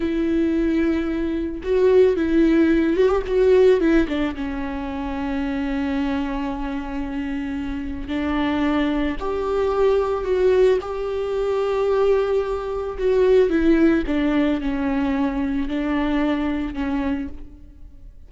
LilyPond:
\new Staff \with { instrumentName = "viola" } { \time 4/4 \tempo 4 = 111 e'2. fis'4 | e'4. fis'16 g'16 fis'4 e'8 d'8 | cis'1~ | cis'2. d'4~ |
d'4 g'2 fis'4 | g'1 | fis'4 e'4 d'4 cis'4~ | cis'4 d'2 cis'4 | }